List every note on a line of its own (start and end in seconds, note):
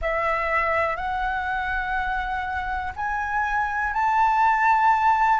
0.01 0.96 E5
0.96 2.92 F#5
2.96 3.93 G#5
3.93 5.39 A5